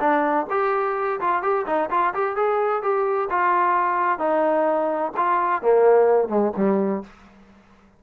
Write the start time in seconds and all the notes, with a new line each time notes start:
0.00 D4
0.50 G4
1.21 F4
1.42 G4
1.66 D#4
1.90 F4
2.14 G4
2.36 G#4
2.82 G4
3.30 F4
4.19 D#4
5.17 F4
5.62 A#3
6.29 G#3
6.57 G3